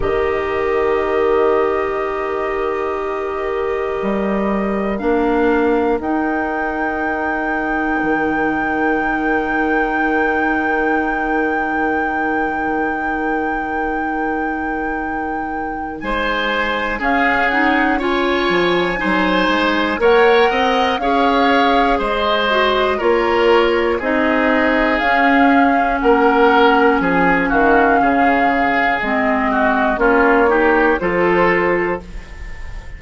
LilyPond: <<
  \new Staff \with { instrumentName = "flute" } { \time 4/4 \tempo 4 = 60 dis''1~ | dis''4 f''4 g''2~ | g''1~ | g''1 |
gis''4 f''8 fis''8 gis''2 | fis''4 f''4 dis''4 cis''4 | dis''4 f''4 fis''4 gis''8 f''8~ | f''4 dis''4 cis''4 c''4 | }
  \new Staff \with { instrumentName = "oboe" } { \time 4/4 ais'1~ | ais'1~ | ais'1~ | ais'1 |
c''4 gis'4 cis''4 c''4 | cis''8 dis''8 cis''4 c''4 ais'4 | gis'2 ais'4 gis'8 fis'8 | gis'4. fis'8 f'8 g'8 a'4 | }
  \new Staff \with { instrumentName = "clarinet" } { \time 4/4 g'1~ | g'4 d'4 dis'2~ | dis'1~ | dis'1~ |
dis'4 cis'8 dis'8 f'4 dis'4 | ais'4 gis'4. fis'8 f'4 | dis'4 cis'2.~ | cis'4 c'4 cis'8 dis'8 f'4 | }
  \new Staff \with { instrumentName = "bassoon" } { \time 4/4 dis1 | g4 ais4 dis'2 | dis1~ | dis1 |
gis4 cis'4. f8 fis8 gis8 | ais8 c'8 cis'4 gis4 ais4 | c'4 cis'4 ais4 f8 dis8 | cis4 gis4 ais4 f4 | }
>>